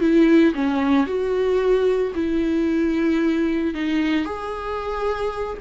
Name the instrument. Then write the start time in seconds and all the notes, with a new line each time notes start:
viola
0.00 E4
0.54 C#4
1.06 F#4
2.15 E4
3.74 D#4
4.25 G#4